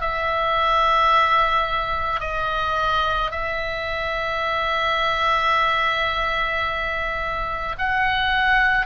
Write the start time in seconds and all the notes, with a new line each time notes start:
0.00 E5
2.20 D#5
3.30 E5
7.78 F#5